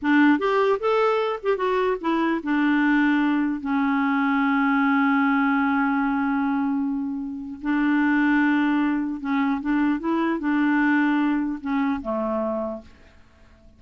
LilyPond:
\new Staff \with { instrumentName = "clarinet" } { \time 4/4 \tempo 4 = 150 d'4 g'4 a'4. g'8 | fis'4 e'4 d'2~ | d'4 cis'2.~ | cis'1~ |
cis'2. d'4~ | d'2. cis'4 | d'4 e'4 d'2~ | d'4 cis'4 a2 | }